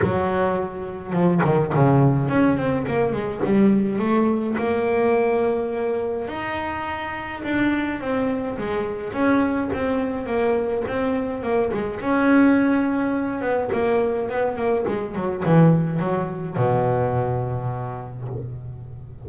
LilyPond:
\new Staff \with { instrumentName = "double bass" } { \time 4/4 \tempo 4 = 105 fis2 f8 dis8 cis4 | cis'8 c'8 ais8 gis8 g4 a4 | ais2. dis'4~ | dis'4 d'4 c'4 gis4 |
cis'4 c'4 ais4 c'4 | ais8 gis8 cis'2~ cis'8 b8 | ais4 b8 ais8 gis8 fis8 e4 | fis4 b,2. | }